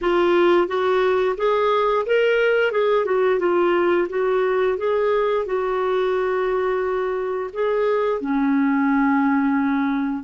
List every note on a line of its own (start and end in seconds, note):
0.01 0.67 F4
0.67 1.35 F#4
1.37 2.05 G#4
2.05 2.71 A#4
2.71 3.05 G#4
3.05 3.39 F#4
3.39 4.07 F4
4.09 4.77 F#4
4.77 5.45 G#4
5.45 7.50 F#4
7.53 8.20 G#4
8.20 10.23 C#4